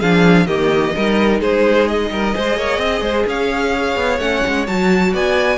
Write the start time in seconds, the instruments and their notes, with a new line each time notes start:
0.00 cello F3, viola D4, violin G#4 F5
0.47 cello D#3, viola A#3, violin G4 D#5
0.96 cello G3, viola D#4, violin A#4
1.41 cello G#3, violin G#4 C5
1.88 violin D#5
2.11 cello G3, violin A#4
2.34 cello G#3, viola G#4, violin C5
2.57 cello A#3, violin C#5
2.78 cello C4, violin D#5
3.02 cello G#3, violin C5
3.27 cello C#4, violin C#5 F5
3.96 cello B3
4.19 cello A3, viola C#4, violin F#5
4.48 cello G#3
4.68 cello F#3, viola F#4, violin A5
5.13 cello B3, violin D5 G#5